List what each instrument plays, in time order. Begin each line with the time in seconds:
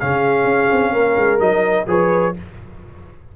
0.00 tuba C#3, trombone C#4, horn G#4, trumpet F5
0.45 tuba C#4
0.72 tuba C4
0.92 tuba A#3, horn A#4
1.17 tuba G#3
1.40 tuba F#3, trombone D#4, trumpet D#5
1.87 tuba F3, trombone G#4, horn B4, trumpet C#5